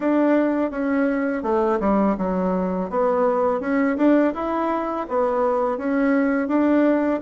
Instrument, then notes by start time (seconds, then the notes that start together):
bassoon
0.00 D4
0.70 C#4
1.43 A3
1.80 G3
2.17 F#3
2.89 B3
3.60 C#4
3.97 D4
4.34 E4
5.08 B3
5.77 C#4
6.48 D4